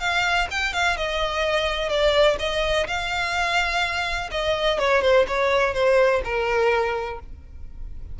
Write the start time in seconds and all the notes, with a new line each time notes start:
0.00 F5
0.51 G5
0.73 F5
0.97 D#5
1.89 D5
2.39 D#5
2.87 F5
4.31 D#5
4.79 C#5
5.02 C5
5.27 C#5
5.74 C5
6.24 A#4